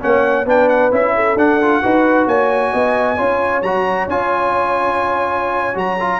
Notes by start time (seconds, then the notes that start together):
0.00 A#3 C#4 C#5 F#5
0.45 B3 D4 B4 G5
0.68 F#5
0.91 C#4 E4 E5
1.15 A4
1.35 D4 F#5
1.61 F4
1.82 D#4 F#4 B4
2.26 A#3 C#5 G#5
2.72 B3 D#5
3.17 C#4 F4 C#5
3.62 F#3 F#4 A#5
4.07 C#4 F4 G#5
5.74 F#3 F#4 A#5
5.99 F4